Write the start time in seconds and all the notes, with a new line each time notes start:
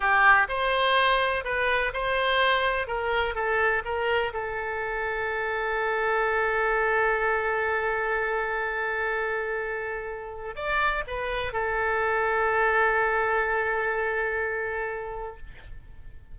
0.00 G4
0.48 C5
1.44 B4
1.93 C5
2.87 A#4
3.34 A4
3.84 A#4
4.33 A4
10.55 D5
11.07 B4
11.52 A4